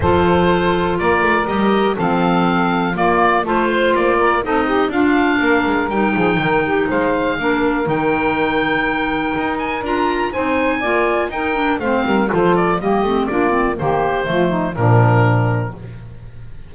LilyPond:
<<
  \new Staff \with { instrumentName = "oboe" } { \time 4/4 \tempo 4 = 122 c''2 d''4 dis''4 | f''2 d''4 c''4 | d''4 dis''4 f''2 | g''2 f''2 |
g''2.~ g''8 gis''8 | ais''4 gis''2 g''4 | f''4 c''8 d''8 dis''4 d''4 | c''2 ais'2 | }
  \new Staff \with { instrumentName = "saxophone" } { \time 4/4 a'2 ais'2 | a'2 f'4 a'8 c''8~ | c''8 ais'8 a'8 g'8 f'4 ais'4~ | ais'8 gis'8 ais'8 g'8 c''4 ais'4~ |
ais'1~ | ais'4 c''4 d''4 ais'4 | c''8 ais'8 a'4 g'4 f'4 | g'4 f'8 dis'8 d'2 | }
  \new Staff \with { instrumentName = "clarinet" } { \time 4/4 f'2. g'4 | c'2 ais4 f'4~ | f'4 dis'4 d'2 | dis'2. d'4 |
dis'1 | f'4 dis'4 f'4 dis'8 d'8 | c'4 f'4 ais8 c'8 d'8 c'8 | ais4 a4 f2 | }
  \new Staff \with { instrumentName = "double bass" } { \time 4/4 f2 ais8 a8 g4 | f2 ais4 a4 | ais4 c'4 d'4 ais8 gis8 | g8 f8 dis4 gis4 ais4 |
dis2. dis'4 | d'4 c'4 ais4 dis'4 | a8 g8 f4 g8 a8 ais4 | dis4 f4 ais,2 | }
>>